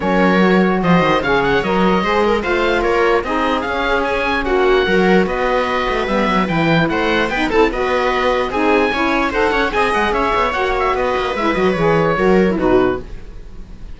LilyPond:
<<
  \new Staff \with { instrumentName = "oboe" } { \time 4/4 \tempo 4 = 148 cis''2 dis''4 f''8 fis''8 | dis''2 f''4 cis''4 | dis''4 f''4 gis''4 fis''4~ | fis''4 dis''2 e''4 |
g''4 fis''4 g''8 a''8 dis''4~ | dis''4 gis''2 fis''4 | gis''8 fis''8 e''4 fis''8 e''8 dis''4 | e''8 dis''8 cis''2 b'4 | }
  \new Staff \with { instrumentName = "viola" } { \time 4/4 ais'2 c''4 cis''4~ | cis''4 c''8 ais'8 c''4 ais'4 | gis'2. fis'4 | ais'4 b'2.~ |
b'4 c''4 b'8 a'8 b'4~ | b'4 gis'4 cis''4 c''8 cis''8 | dis''4 cis''2 b'4~ | b'2 ais'4 fis'4 | }
  \new Staff \with { instrumentName = "saxophone" } { \time 4/4 cis'4 fis'2 gis'4 | ais'4 gis'4 f'2 | dis'4 cis'2. | fis'2. b4 |
e'2 dis'8 e'8 fis'4~ | fis'4 dis'4 e'4 a'4 | gis'2 fis'2 | e'8 fis'8 gis'4 fis'8. e'16 dis'4 | }
  \new Staff \with { instrumentName = "cello" } { \time 4/4 fis2 f8 dis8 cis4 | fis4 gis4 a4 ais4 | c'4 cis'2 ais4 | fis4 b4. a8 g8 fis8 |
e4 a4 b8 c'8 b4~ | b4 c'4 cis'4 dis'8 cis'8 | c'8 gis8 cis'8 b8 ais4 b8 ais8 | gis8 fis8 e4 fis4 b,4 | }
>>